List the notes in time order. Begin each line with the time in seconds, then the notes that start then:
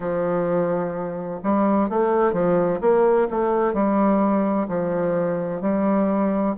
0.00 F3
1.43 G3
1.89 A3
2.32 F3
2.80 A#3
3.30 A3
3.73 G3
4.68 F3
5.61 G3